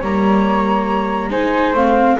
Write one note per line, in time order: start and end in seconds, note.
0.00 1.30 G3
0.00 1.30 A#3
0.00 1.30 C#5
0.00 1.31 A#5
1.30 1.73 G#3
1.30 1.74 D#4
1.30 2.18 C5
1.30 1.74 G#5
1.73 2.17 A3
1.73 2.17 C4
1.73 2.19 F5